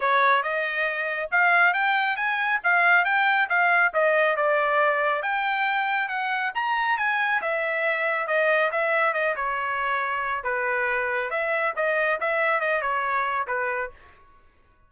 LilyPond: \new Staff \with { instrumentName = "trumpet" } { \time 4/4 \tempo 4 = 138 cis''4 dis''2 f''4 | g''4 gis''4 f''4 g''4 | f''4 dis''4 d''2 | g''2 fis''4 ais''4 |
gis''4 e''2 dis''4 | e''4 dis''8 cis''2~ cis''8 | b'2 e''4 dis''4 | e''4 dis''8 cis''4. b'4 | }